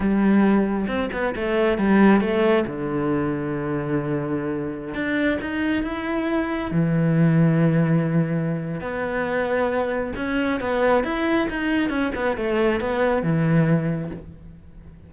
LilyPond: \new Staff \with { instrumentName = "cello" } { \time 4/4 \tempo 4 = 136 g2 c'8 b8 a4 | g4 a4 d2~ | d2.~ d16 d'8.~ | d'16 dis'4 e'2 e8.~ |
e1 | b2. cis'4 | b4 e'4 dis'4 cis'8 b8 | a4 b4 e2 | }